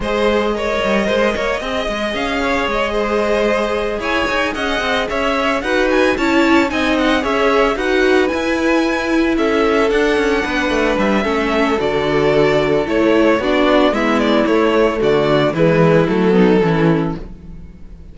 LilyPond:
<<
  \new Staff \with { instrumentName = "violin" } { \time 4/4 \tempo 4 = 112 dis''1 | f''4 dis''2~ dis''8 gis''8~ | gis''8 fis''4 e''4 fis''8 gis''8 a''8~ | a''8 gis''8 fis''8 e''4 fis''4 gis''8~ |
gis''4. e''4 fis''4.~ | fis''8 e''4. d''2 | cis''4 d''4 e''8 d''8 cis''4 | d''4 b'4 a'2 | }
  \new Staff \with { instrumentName = "violin" } { \time 4/4 c''4 cis''4 c''8 cis''8 dis''4~ | dis''8 cis''4 c''2 cis''8~ | cis''8 dis''4 cis''4 b'4 cis''8~ | cis''8 dis''4 cis''4 b'4.~ |
b'4. a'2 b'8~ | b'4 a'2.~ | a'4 fis'4 e'2 | fis'4 e'4. dis'8 e'4 | }
  \new Staff \with { instrumentName = "viola" } { \time 4/4 gis'4 ais'2 gis'4~ | gis'1~ | gis'2~ gis'8 fis'4 e'8~ | e'8 dis'4 gis'4 fis'4 e'8~ |
e'2~ e'8 d'4.~ | d'4 cis'4 fis'2 | e'4 d'4 b4 a4~ | a4 gis4 a8 b8 cis'4 | }
  \new Staff \with { instrumentName = "cello" } { \time 4/4 gis4. g8 gis8 ais8 c'8 gis8 | cis'4 gis2~ gis8 e'8 | dis'8 cis'8 c'8 cis'4 dis'4 cis'8~ | cis'8 c'4 cis'4 dis'4 e'8~ |
e'4. cis'4 d'8 cis'8 b8 | a8 g8 a4 d2 | a4 b4 gis4 a4 | d4 e4 fis4 e4 | }
>>